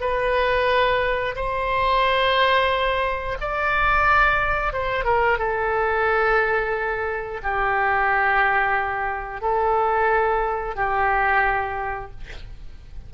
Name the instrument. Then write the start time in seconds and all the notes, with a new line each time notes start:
oboe
0.00 B4
1.35 C5
3.40 D5
4.73 C5
5.04 A#4
5.38 A4
7.42 G4
9.41 A4
10.76 G4